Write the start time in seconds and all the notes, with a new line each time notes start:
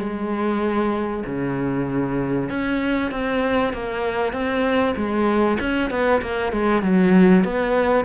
0.00 G#3
1.26 C#3
2.50 C#4
3.12 C4
3.73 A#3
4.33 C4
4.96 G#3
5.60 C#4
5.90 B3
6.22 A#3
6.53 G#3
6.83 F#3
7.44 B3